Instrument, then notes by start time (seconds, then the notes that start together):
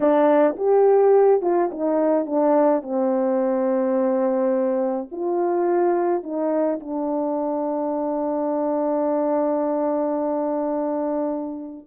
horn
0.00 D4
0.56 G4
1.42 F4
1.71 D#4
2.26 D4
2.82 C4
5.11 F4
6.23 D#4
6.80 D4